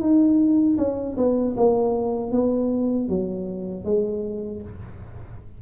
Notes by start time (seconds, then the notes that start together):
0.00 D#4
0.78 C#4
1.17 B3
1.57 A#3
2.31 B3
3.08 F#3
3.85 G#3